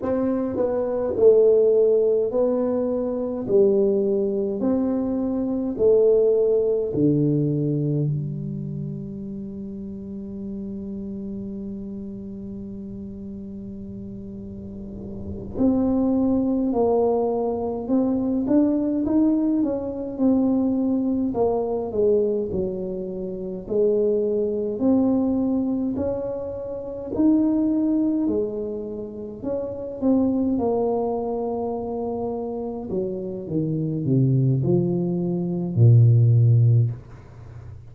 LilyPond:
\new Staff \with { instrumentName = "tuba" } { \time 4/4 \tempo 4 = 52 c'8 b8 a4 b4 g4 | c'4 a4 d4 g4~ | g1~ | g4. c'4 ais4 c'8 |
d'8 dis'8 cis'8 c'4 ais8 gis8 fis8~ | fis8 gis4 c'4 cis'4 dis'8~ | dis'8 gis4 cis'8 c'8 ais4.~ | ais8 fis8 dis8 c8 f4 ais,4 | }